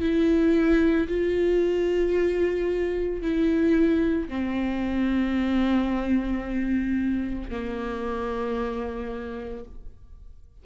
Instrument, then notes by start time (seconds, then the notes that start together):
viola
0.00 E4
1.08 F4
3.21 E4
4.29 C4
7.50 A#3